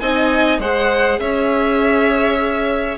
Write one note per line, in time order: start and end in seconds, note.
0.00 0.59 C4
0.00 0.61 D#4
0.00 0.60 D#5
0.00 0.59 G#5
0.59 1.18 G#3
0.59 2.98 G#4
0.59 1.20 C5
0.59 1.20 F#5
1.20 2.98 C#4
1.20 2.98 C#5
1.20 2.98 E5